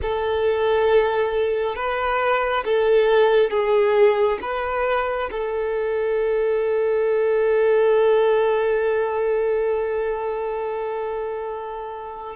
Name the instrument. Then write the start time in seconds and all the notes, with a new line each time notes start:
violin
0.02 A4
1.75 B4
2.65 A4
3.50 G#4
4.41 B4
5.31 A4